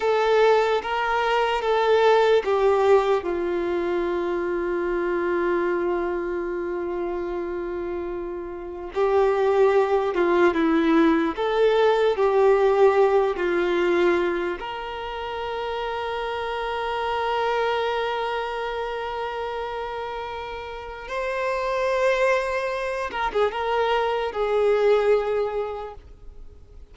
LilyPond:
\new Staff \with { instrumentName = "violin" } { \time 4/4 \tempo 4 = 74 a'4 ais'4 a'4 g'4 | f'1~ | f'2. g'4~ | g'8 f'8 e'4 a'4 g'4~ |
g'8 f'4. ais'2~ | ais'1~ | ais'2 c''2~ | c''8 ais'16 gis'16 ais'4 gis'2 | }